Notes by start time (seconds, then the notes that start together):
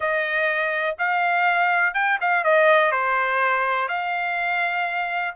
0.00 D#5
0.98 F5
1.94 G5
2.20 F5
2.44 D#5
2.91 C5
3.88 F5